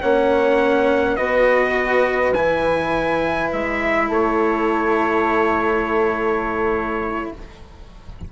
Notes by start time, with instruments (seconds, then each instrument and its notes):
0.00 bassoon A#3, cello C#4, horn C#5, trumpet F#5
1.16 bassoon B3, cello F#4, horn B4, trumpet D#5
2.34 bassoon E3, cello E4, trumpet G#5
3.52 bassoon G#3, trumpet E5
4.08 bassoon A3, horn A4, trumpet C#5